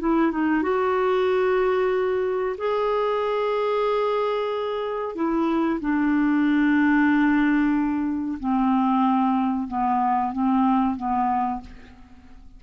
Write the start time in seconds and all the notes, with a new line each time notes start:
0.00 E4
0.32 D#4
0.63 F#4
2.58 G#4
5.16 E4
5.81 D4
8.40 C4
9.68 B3
10.33 C4
10.97 B3